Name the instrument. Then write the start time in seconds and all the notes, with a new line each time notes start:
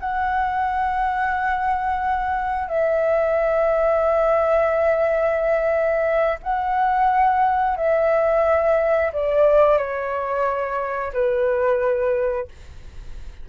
flute
0.00 F#5
2.68 E5
6.43 F#5
7.77 E5
9.13 D5
9.78 C#5
11.13 B4